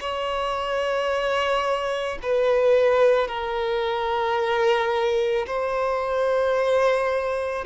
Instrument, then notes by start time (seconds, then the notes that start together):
violin
0.00 C#5
2.22 B4
3.28 A#4
5.46 C5